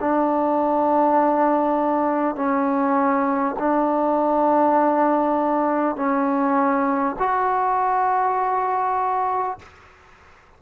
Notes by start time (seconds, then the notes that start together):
0.00 D4
2.36 C#4
3.58 D4
5.96 C#4
7.19 F#4